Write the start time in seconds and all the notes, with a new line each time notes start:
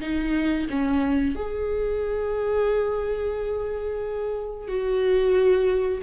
0.00 D#4
0.69 C#4
1.35 G#4
4.68 F#4